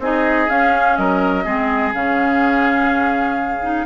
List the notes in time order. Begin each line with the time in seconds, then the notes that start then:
0.00 C4 D#4 G#4 D#5
0.49 C#4 F5
0.97 F#3 A#4 D#5
1.45 G#3 C4 G#4
1.94 C#3 C#4 F5
3.63 D#4